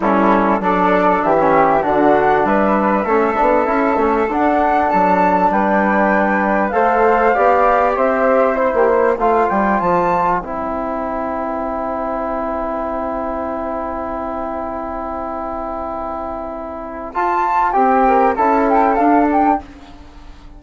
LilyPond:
<<
  \new Staff \with { instrumentName = "flute" } { \time 4/4 \tempo 4 = 98 a'4 d''4 e''4 fis''4 | e''2. fis''4 | a''4 g''2 f''4~ | f''4 e''4 c''4 f''8 g''8 |
a''4 g''2.~ | g''1~ | g''1 | a''4 g''4 a''8 g''8 f''8 g''8 | }
  \new Staff \with { instrumentName = "flute" } { \time 4/4 e'4 a'4 g'4 fis'4 | b'4 a'2.~ | a'4 b'2 c''4 | d''4 c''4~ c''16 g'16 c''4.~ |
c''1~ | c''1~ | c''1~ | c''4. ais'8 a'2 | }
  \new Staff \with { instrumentName = "trombone" } { \time 4/4 cis'4 d'4~ d'16 cis'8. d'4~ | d'4 cis'8 d'8 e'8 cis'8 d'4~ | d'2. a'4 | g'2 e'4 f'4~ |
f'4 e'2.~ | e'1~ | e'1 | f'4 g'4 e'4 d'4 | }
  \new Staff \with { instrumentName = "bassoon" } { \time 4/4 g4 fis4 e4 d4 | g4 a8 b8 cis'8 a8 d'4 | fis4 g2 a4 | b4 c'4~ c'16 ais8. a8 g8 |
f4 c'2.~ | c'1~ | c'1 | f'4 c'4 cis'4 d'4 | }
>>